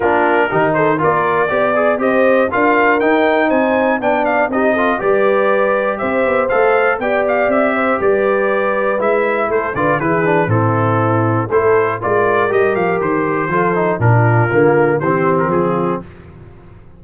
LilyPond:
<<
  \new Staff \with { instrumentName = "trumpet" } { \time 4/4 \tempo 4 = 120 ais'4. c''8 d''2 | dis''4 f''4 g''4 gis''4 | g''8 f''8 dis''4 d''2 | e''4 f''4 g''8 f''8 e''4 |
d''2 e''4 c''8 d''8 | b'4 a'2 c''4 | d''4 dis''8 f''8 c''2 | ais'2 c''8. ais'16 gis'4 | }
  \new Staff \with { instrumentName = "horn" } { \time 4/4 f'4 g'8 a'8 ais'4 d''4 | c''4 ais'2 c''4 | d''4 g'8 a'8 b'2 | c''2 d''4. c''8 |
b'2. a'8 b'8 | gis'4 e'2 a'4 | ais'2. a'4 | f'2 g'4 f'4 | }
  \new Staff \with { instrumentName = "trombone" } { \time 4/4 d'4 dis'4 f'4 g'8 gis'8 | g'4 f'4 dis'2 | d'4 dis'8 f'8 g'2~ | g'4 a'4 g'2~ |
g'2 e'4. f'8 | e'8 d'8 c'2 e'4 | f'4 g'2 f'8 dis'8 | d'4 ais4 c'2 | }
  \new Staff \with { instrumentName = "tuba" } { \time 4/4 ais4 dis4 ais4 b4 | c'4 d'4 dis'4 c'4 | b4 c'4 g2 | c'8 b8 a4 b4 c'4 |
g2 gis4 a8 d8 | e4 a,2 a4 | gis4 g8 f8 dis4 f4 | ais,4 d4 e4 f4 | }
>>